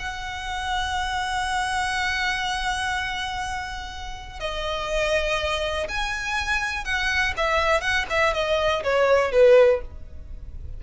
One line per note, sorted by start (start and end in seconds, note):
0.00 4.40 F#5
4.40 5.88 D#5
5.89 6.85 G#5
6.85 7.34 F#5
7.37 7.81 E5
7.81 8.06 F#5
8.10 8.34 E5
8.34 8.83 D#5
8.84 9.32 C#5
9.32 9.81 B4